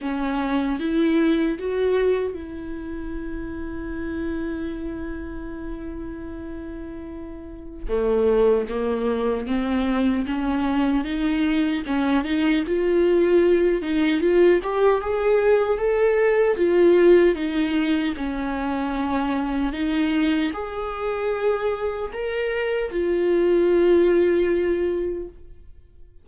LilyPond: \new Staff \with { instrumentName = "viola" } { \time 4/4 \tempo 4 = 76 cis'4 e'4 fis'4 e'4~ | e'1~ | e'2 a4 ais4 | c'4 cis'4 dis'4 cis'8 dis'8 |
f'4. dis'8 f'8 g'8 gis'4 | a'4 f'4 dis'4 cis'4~ | cis'4 dis'4 gis'2 | ais'4 f'2. | }